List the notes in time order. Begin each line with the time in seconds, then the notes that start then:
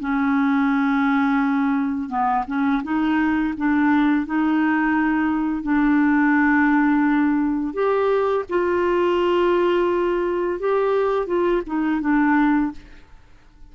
0.00 C#4
2.09 B3
2.47 C#4
2.83 D#4
3.57 D4
4.26 D#4
5.62 D4
7.73 G4
8.49 F4
10.59 G4
11.27 F4
11.66 D#4
12.01 D4